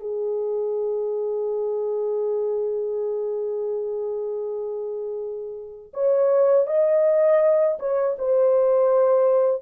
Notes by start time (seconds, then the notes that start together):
0.00 G#4
5.94 C#5
6.67 D#5
7.79 C#5
8.19 C5